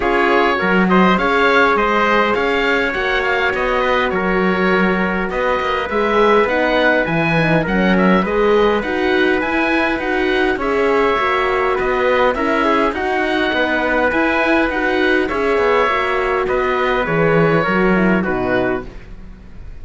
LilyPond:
<<
  \new Staff \with { instrumentName = "oboe" } { \time 4/4 \tempo 4 = 102 cis''4. dis''8 f''4 dis''4 | f''4 fis''8 f''8 dis''4 cis''4~ | cis''4 dis''4 e''4 fis''4 | gis''4 fis''8 e''8 dis''4 fis''4 |
gis''4 fis''4 e''2 | dis''4 e''4 fis''2 | gis''4 fis''4 e''2 | dis''4 cis''2 b'4 | }
  \new Staff \with { instrumentName = "trumpet" } { \time 4/4 gis'4 ais'8 c''8 cis''4 c''4 | cis''2~ cis''8 b'8 ais'4~ | ais'4 b'2.~ | b'4 ais'4 b'2~ |
b'2 cis''2 | b'4 ais'8 gis'8 fis'4 b'4~ | b'2 cis''2 | b'2 ais'4 fis'4 | }
  \new Staff \with { instrumentName = "horn" } { \time 4/4 f'4 fis'4 gis'2~ | gis'4 fis'2.~ | fis'2 gis'4 dis'4 | e'8 dis'8 cis'4 gis'4 fis'4 |
e'4 fis'4 gis'4 fis'4~ | fis'4 e'4 dis'2 | e'4 fis'4 gis'4 fis'4~ | fis'4 gis'4 fis'8 e'8 dis'4 | }
  \new Staff \with { instrumentName = "cello" } { \time 4/4 cis'4 fis4 cis'4 gis4 | cis'4 ais4 b4 fis4~ | fis4 b8 ais8 gis4 b4 | e4 fis4 gis4 dis'4 |
e'4 dis'4 cis'4 ais4 | b4 cis'4 dis'4 b4 | e'4 dis'4 cis'8 b8 ais4 | b4 e4 fis4 b,4 | }
>>